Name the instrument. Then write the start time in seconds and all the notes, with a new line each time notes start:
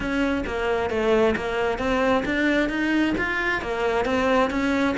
cello
0.00 C#4
0.46 A#3
0.90 A3
1.35 A#3
1.78 C4
2.25 D4
2.69 D#4
3.17 F4
3.61 A#3
4.05 C4
4.50 C#4